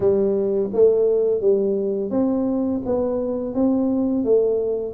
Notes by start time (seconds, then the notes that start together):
0.00 G3
0.73 A3
1.41 G3
2.10 C4
2.85 B3
3.54 C4
4.24 A3